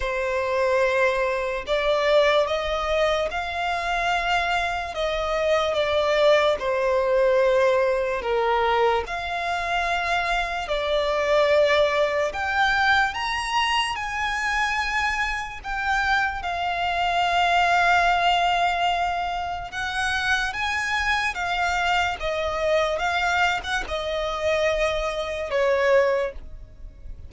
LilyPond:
\new Staff \with { instrumentName = "violin" } { \time 4/4 \tempo 4 = 73 c''2 d''4 dis''4 | f''2 dis''4 d''4 | c''2 ais'4 f''4~ | f''4 d''2 g''4 |
ais''4 gis''2 g''4 | f''1 | fis''4 gis''4 f''4 dis''4 | f''8. fis''16 dis''2 cis''4 | }